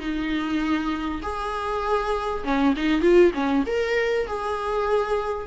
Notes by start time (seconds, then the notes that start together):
0.00 D#4
1.23 G#4
2.44 C#4
2.77 D#4
3.02 F4
3.34 C#4
3.67 A#4
4.27 G#4